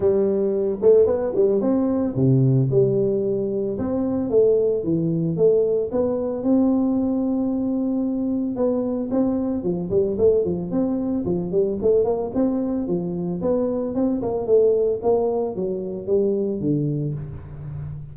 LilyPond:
\new Staff \with { instrumentName = "tuba" } { \time 4/4 \tempo 4 = 112 g4. a8 b8 g8 c'4 | c4 g2 c'4 | a4 e4 a4 b4 | c'1 |
b4 c'4 f8 g8 a8 f8 | c'4 f8 g8 a8 ais8 c'4 | f4 b4 c'8 ais8 a4 | ais4 fis4 g4 d4 | }